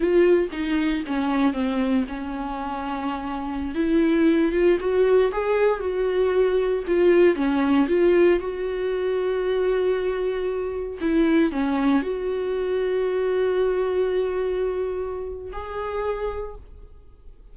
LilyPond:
\new Staff \with { instrumentName = "viola" } { \time 4/4 \tempo 4 = 116 f'4 dis'4 cis'4 c'4 | cis'2.~ cis'16 e'8.~ | e'8. f'8 fis'4 gis'4 fis'8.~ | fis'4~ fis'16 f'4 cis'4 f'8.~ |
f'16 fis'2.~ fis'8.~ | fis'4~ fis'16 e'4 cis'4 fis'8.~ | fis'1~ | fis'2 gis'2 | }